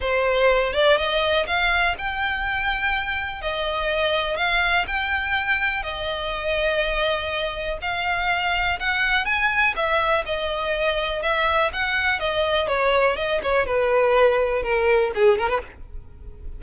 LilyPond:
\new Staff \with { instrumentName = "violin" } { \time 4/4 \tempo 4 = 123 c''4. d''8 dis''4 f''4 | g''2. dis''4~ | dis''4 f''4 g''2 | dis''1 |
f''2 fis''4 gis''4 | e''4 dis''2 e''4 | fis''4 dis''4 cis''4 dis''8 cis''8 | b'2 ais'4 gis'8 ais'16 b'16 | }